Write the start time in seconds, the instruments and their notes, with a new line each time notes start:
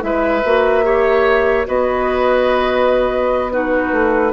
0.00 bassoon G#3, clarinet E4, oboe B4, flute E5
0.44 bassoon A#3, clarinet F#4
0.83 clarinet G4, oboe C#5
1.65 bassoon B3, clarinet F#4, oboe B4, flute D#5
3.52 clarinet D#4, oboe F#4, flute B4
3.92 bassoon A3